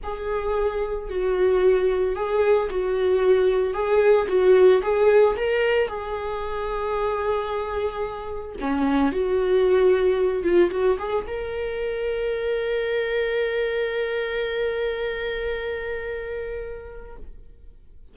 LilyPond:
\new Staff \with { instrumentName = "viola" } { \time 4/4 \tempo 4 = 112 gis'2 fis'2 | gis'4 fis'2 gis'4 | fis'4 gis'4 ais'4 gis'4~ | gis'1 |
cis'4 fis'2~ fis'8 f'8 | fis'8 gis'8 ais'2.~ | ais'1~ | ais'1 | }